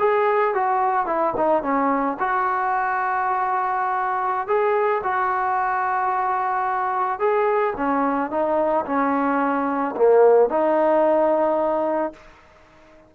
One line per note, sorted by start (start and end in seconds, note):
0.00 0.55 G#4
0.55 1.07 F#4
1.07 1.34 E4
1.37 1.63 D#4
1.63 2.18 C#4
2.20 4.48 F#4
4.48 5.02 G#4
5.04 7.20 F#4
7.20 7.74 G#4
7.77 8.31 C#4
8.31 8.86 D#4
8.86 9.95 C#4
9.97 10.50 A#3
10.50 12.14 D#4